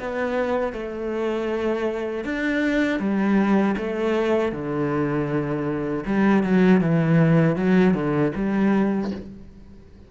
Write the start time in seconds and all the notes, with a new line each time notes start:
0.00 B3
0.73 A3
2.24 D4
3.00 G3
3.77 A3
4.52 D3
6.06 G3
6.43 F#3
6.81 E3
7.56 F#3
7.94 D3
8.35 G3